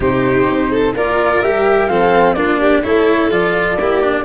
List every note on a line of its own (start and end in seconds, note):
0.00 0.47 C3
0.00 0.95 D#4
0.00 0.70 G4
0.00 0.95 C5
0.49 0.94 C4
0.70 0.94 A4
0.94 1.42 A#3
0.94 1.43 F4
0.94 1.89 A#4
0.94 1.41 D5
1.41 1.89 G3
1.41 1.89 G4
1.41 1.87 E5
1.87 2.35 F3
1.87 2.36 C4
1.87 2.36 A4
1.87 2.33 F5
2.33 2.82 A#3
2.33 2.83 D4
2.33 2.59 F4
2.33 2.80 D5
2.59 2.83 G4
2.83 3.29 A3
2.83 3.30 E4
2.83 3.79 A4
2.83 3.30 C#5
3.29 3.77 F3
3.29 3.78 F4
3.29 4.24 D5
3.77 4.24 A#3
3.77 4.02 E4
3.77 4.24 G4
4.02 4.24 D4